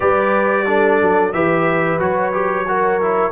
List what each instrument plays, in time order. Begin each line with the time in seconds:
0.00 tuba G3, trombone G4, horn B4, trumpet D5
0.66 trombone D4, horn A4
1.01 tuba F#3
1.32 tuba E3, trombone G4, horn B4, trumpet E5
1.99 tuba F#3, trombone F#4, trumpet C#5
2.32 trombone G4
2.68 trombone F#4, horn A#4
3.01 trombone E4